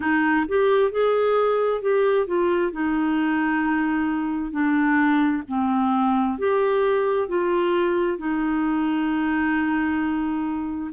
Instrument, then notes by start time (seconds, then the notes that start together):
clarinet
0.00 D#4
0.48 G4
0.91 G#4
1.81 G4
2.26 F4
2.71 D#4
4.51 D4
5.48 C4
6.38 G4
7.28 F4
8.18 D#4